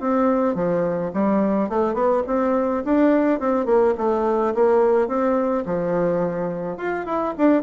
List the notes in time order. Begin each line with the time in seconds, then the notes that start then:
0.00 C4
0.55 F3
1.13 G3
1.69 A3
1.94 B3
2.27 C4
2.84 D4
3.39 C4
3.65 A#3
3.97 A3
4.54 A#3
5.07 C4
5.66 F3
6.77 F4
7.05 E4
7.37 D4